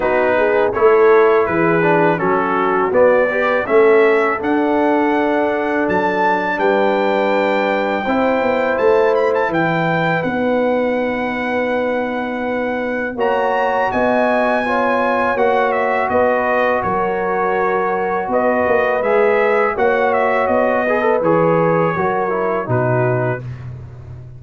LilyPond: <<
  \new Staff \with { instrumentName = "trumpet" } { \time 4/4 \tempo 4 = 82 b'4 cis''4 b'4 a'4 | d''4 e''4 fis''2 | a''4 g''2. | a''8 b''16 a''16 g''4 fis''2~ |
fis''2 ais''4 gis''4~ | gis''4 fis''8 e''8 dis''4 cis''4~ | cis''4 dis''4 e''4 fis''8 e''8 | dis''4 cis''2 b'4 | }
  \new Staff \with { instrumentName = "horn" } { \time 4/4 fis'8 gis'8 a'4 gis'4 fis'4~ | fis'8 b'8 a'2.~ | a'4 b'2 c''4~ | c''4 b'2.~ |
b'2 cis''4 dis''4 | cis''2 b'4 ais'4~ | ais'4 b'2 cis''4~ | cis''8 b'4. ais'4 fis'4 | }
  \new Staff \with { instrumentName = "trombone" } { \time 4/4 dis'4 e'4. d'8 cis'4 | b8 g'8 cis'4 d'2~ | d'2. e'4~ | e'2 dis'2~ |
dis'2 fis'2 | f'4 fis'2.~ | fis'2 gis'4 fis'4~ | fis'8 gis'16 a'16 gis'4 fis'8 e'8 dis'4 | }
  \new Staff \with { instrumentName = "tuba" } { \time 4/4 b4 a4 e4 fis4 | b4 a4 d'2 | fis4 g2 c'8 b8 | a4 e4 b2~ |
b2 ais4 b4~ | b4 ais4 b4 fis4~ | fis4 b8 ais8 gis4 ais4 | b4 e4 fis4 b,4 | }
>>